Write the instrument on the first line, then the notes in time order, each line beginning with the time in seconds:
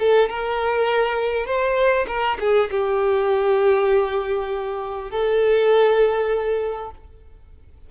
violin
0.00 A4
0.29 A#4
1.46 C5
2.08 A#4
2.40 G#4
2.71 G4
5.11 A4